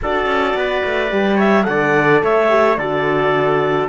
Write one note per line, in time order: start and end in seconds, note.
0.02 0.26 D4
0.02 1.10 F#4
0.02 0.58 A4
0.02 1.39 D5
0.26 0.53 C#4
0.54 0.82 B3
0.54 1.35 B4
0.84 1.11 A3
1.10 1.67 G3
1.10 1.63 G4
1.35 1.63 C#5
1.35 1.64 E5
1.63 2.22 D3
1.63 2.46 A4
1.63 2.20 F#5
1.69 2.23 D5
2.22 2.77 A3
2.22 2.78 C#5
2.22 2.77 E5
2.49 2.76 G4
2.77 3.88 D3
2.77 3.89 F#4
2.77 3.89 A4
2.77 3.88 D5